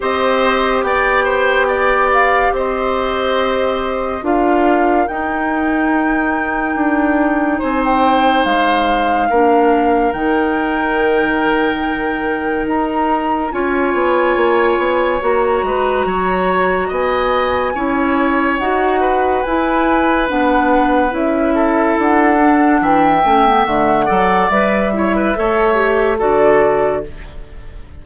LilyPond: <<
  \new Staff \with { instrumentName = "flute" } { \time 4/4 \tempo 4 = 71 dis''4 g''4. f''8 dis''4~ | dis''4 f''4 g''2~ | g''4 gis''16 g''8. f''2 | g''2. ais''4 |
gis''2 ais''2 | gis''2 fis''4 gis''4 | fis''4 e''4 fis''4 g''4 | fis''4 e''2 d''4 | }
  \new Staff \with { instrumentName = "oboe" } { \time 4/4 c''4 d''8 c''8 d''4 c''4~ | c''4 ais'2.~ | ais'4 c''2 ais'4~ | ais'1 |
cis''2~ cis''8 b'8 cis''4 | dis''4 cis''4. b'4.~ | b'4. a'4. e''4~ | e''8 d''4 cis''16 b'16 cis''4 a'4 | }
  \new Staff \with { instrumentName = "clarinet" } { \time 4/4 g'1~ | g'4 f'4 dis'2~ | dis'2. d'4 | dis'1 |
f'2 fis'2~ | fis'4 e'4 fis'4 e'4 | d'4 e'4. d'4 cis'16 b16 | a8 a'8 b'8 e'8 a'8 g'8 fis'4 | }
  \new Staff \with { instrumentName = "bassoon" } { \time 4/4 c'4 b2 c'4~ | c'4 d'4 dis'2 | d'4 c'4 gis4 ais4 | dis2. dis'4 |
cis'8 b8 ais8 b8 ais8 gis8 fis4 | b4 cis'4 dis'4 e'4 | b4 cis'4 d'4 e8 a8 | d8 fis8 g4 a4 d4 | }
>>